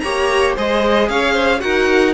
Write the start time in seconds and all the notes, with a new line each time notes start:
0.00 A#3 G4 C#5 A#5
0.56 G#3 G#4 C5 D#5
1.09 C#4 C#5 F5
1.33 C5
1.60 D#4 F#4 A#4 F#5